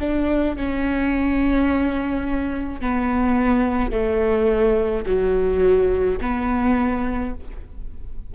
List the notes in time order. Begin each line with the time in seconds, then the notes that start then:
0.00 D4
0.57 C#4
2.81 B3
3.92 A3
5.06 F#3
6.21 B3